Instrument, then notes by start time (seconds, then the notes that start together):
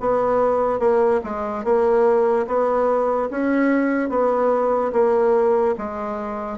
bassoon
0.00 B3
0.79 A#3
1.24 G#3
1.64 A#3
2.47 B3
3.30 C#4
4.09 B3
4.92 A#3
5.78 G#3